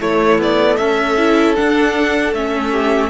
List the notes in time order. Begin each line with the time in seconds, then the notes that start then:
0.00 A3 E4 C#5
0.38 B3 D5
0.77 C#4 A4 E5
1.18 E4
1.56 D4 F#5
2.33 A3 C#4 E5
2.71 G4